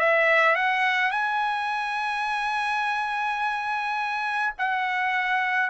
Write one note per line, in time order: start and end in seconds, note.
0.00 0.56 E5
0.56 1.11 F#5
1.11 4.54 G#5
4.59 5.70 F#5